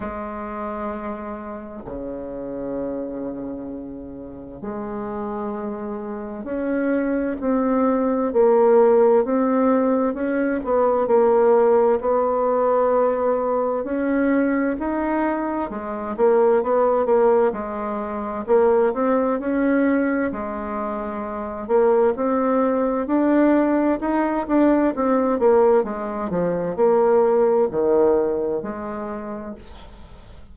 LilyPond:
\new Staff \with { instrumentName = "bassoon" } { \time 4/4 \tempo 4 = 65 gis2 cis2~ | cis4 gis2 cis'4 | c'4 ais4 c'4 cis'8 b8 | ais4 b2 cis'4 |
dis'4 gis8 ais8 b8 ais8 gis4 | ais8 c'8 cis'4 gis4. ais8 | c'4 d'4 dis'8 d'8 c'8 ais8 | gis8 f8 ais4 dis4 gis4 | }